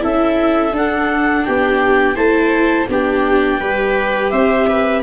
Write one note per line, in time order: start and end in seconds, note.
0.00 0.72 C#4
0.00 0.71 E4
0.00 1.46 A4
0.00 0.75 E5
0.72 1.44 D4
0.72 2.16 D4
0.72 1.45 F#5
1.45 2.17 B3
1.45 2.16 G4
1.45 2.16 G5
2.16 2.88 A3
2.16 2.87 E4
2.16 2.87 C5
2.16 2.88 A5
2.89 3.60 B3
2.89 3.62 D4
2.89 3.60 G4
2.89 4.31 G5
3.60 4.32 G3
3.60 5.03 G4
3.60 4.32 B4
4.31 5.03 C4
4.31 4.68 C5
4.31 5.02 E5
4.69 5.03 B4